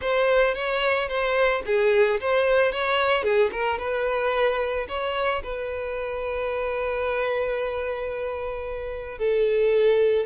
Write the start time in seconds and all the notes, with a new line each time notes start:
0.01 C5
0.54 C#5
1.08 C5
1.66 G#4
2.20 C5
2.72 C#5
3.23 G#4
3.51 A#4
3.78 B4
4.88 C#5
5.43 B4
9.18 A4